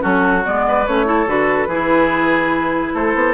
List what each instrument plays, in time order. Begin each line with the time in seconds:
0.00 bassoon F#3, clarinet C#4, oboe F#4, flute A4
0.45 bassoon G#3, clarinet B3, flute D5
0.68 oboe B4
0.87 bassoon A3, clarinet C#4, flute C#5
1.05 clarinet E4, oboe A4
1.27 bassoon D3, clarinet F#4, flute B4
1.67 bassoon E3, clarinet E4, oboe G#4
2.94 bassoon A3, oboe A4, flute C5
3.15 bassoon B3